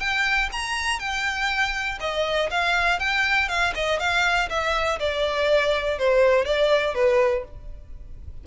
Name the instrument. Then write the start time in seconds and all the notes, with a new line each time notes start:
violin
0.00 G5
0.52 A#5
1.00 G5
2.00 D#5
2.50 F5
3.00 G5
3.49 F5
3.75 D#5
3.99 F5
4.49 E5
4.99 D5
5.99 C5
6.45 D5
6.95 B4